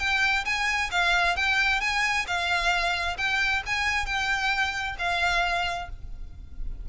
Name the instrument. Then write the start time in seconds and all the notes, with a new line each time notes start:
violin
0.00 G5
0.46 G#5
0.92 F5
1.37 G5
1.81 G#5
2.27 F5
3.18 G5
3.67 G#5
4.06 G5
4.99 F5